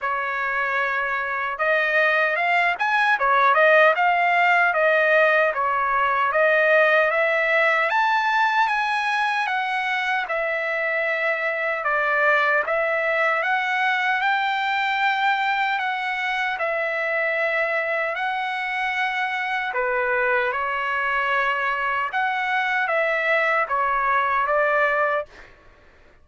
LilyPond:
\new Staff \with { instrumentName = "trumpet" } { \time 4/4 \tempo 4 = 76 cis''2 dis''4 f''8 gis''8 | cis''8 dis''8 f''4 dis''4 cis''4 | dis''4 e''4 a''4 gis''4 | fis''4 e''2 d''4 |
e''4 fis''4 g''2 | fis''4 e''2 fis''4~ | fis''4 b'4 cis''2 | fis''4 e''4 cis''4 d''4 | }